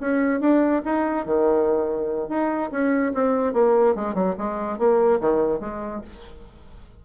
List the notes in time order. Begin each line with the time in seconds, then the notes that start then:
0.00 C#4
0.40 D4
0.84 D#4
1.25 D#3
2.28 D#4
2.71 C#4
3.14 C4
3.53 A#3
3.95 G#3
4.14 F#3
4.38 G#3
4.78 A#3
5.20 D#3
5.59 G#3